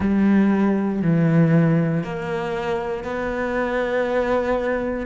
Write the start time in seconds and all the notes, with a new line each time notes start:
0.00 G3
1.02 E3
2.03 A#3
3.04 B3